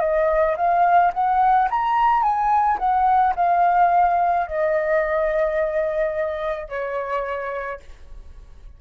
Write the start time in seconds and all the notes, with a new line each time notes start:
0.00 D#5
0.57 F5
1.13 F#5
1.70 A#5
2.22 G#5
2.78 F#5
3.35 F5
4.46 D#5
6.69 C#5